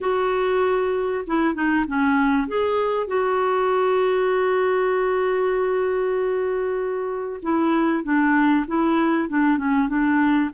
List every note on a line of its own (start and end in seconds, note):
0.01 1.24 F#4
1.26 1.54 E4
1.54 1.85 D#4
1.87 2.47 C#4
2.47 3.07 G#4
3.07 7.40 F#4
7.42 8.03 E4
8.03 8.65 D4
8.67 9.28 E4
9.28 9.57 D4
9.57 9.88 C#4
9.88 10.50 D4